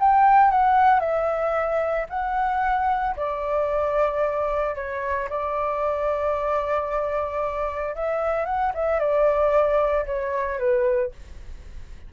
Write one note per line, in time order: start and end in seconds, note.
0.00 0.51 G5
0.51 1.00 F#5
1.00 2.06 E5
2.09 3.16 F#5
3.16 4.76 D5
4.76 5.29 C#5
5.30 7.95 D5
7.95 8.46 E5
8.46 8.72 F#5
8.74 8.99 E5
8.99 10.05 D5
10.06 10.59 C#5
10.59 11.12 B4